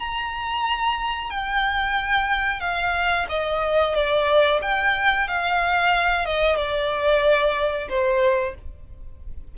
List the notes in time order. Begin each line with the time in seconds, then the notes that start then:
0.00 A#5
1.31 G5
2.60 F5
3.29 D#5
3.95 D5
4.62 G5
5.28 F5
6.25 D#5
6.57 D5
7.89 C5